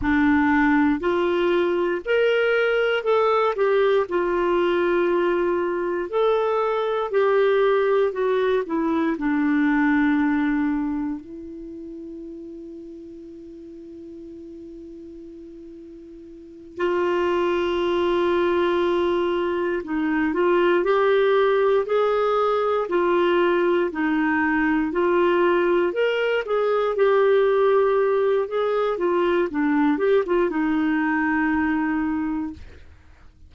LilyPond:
\new Staff \with { instrumentName = "clarinet" } { \time 4/4 \tempo 4 = 59 d'4 f'4 ais'4 a'8 g'8 | f'2 a'4 g'4 | fis'8 e'8 d'2 e'4~ | e'1~ |
e'8 f'2. dis'8 | f'8 g'4 gis'4 f'4 dis'8~ | dis'8 f'4 ais'8 gis'8 g'4. | gis'8 f'8 d'8 g'16 f'16 dis'2 | }